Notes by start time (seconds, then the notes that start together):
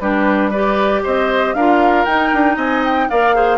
0.00 G3 D4 G4 B4
0.50 G4 B4 D5
1.04 C4 C5 D#5
1.54 D4 F4 A#4 F5
2.05 D#4 G5
2.33 D4
2.56 C4 D#5 G#5
2.84 G5
3.09 A#3 A#4 D5 F5
3.35 G#4 C5